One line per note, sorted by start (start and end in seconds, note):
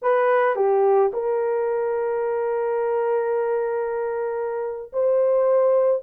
0.02 0.55 B4
0.55 1.11 G4
1.13 4.91 A#4
4.92 6.02 C5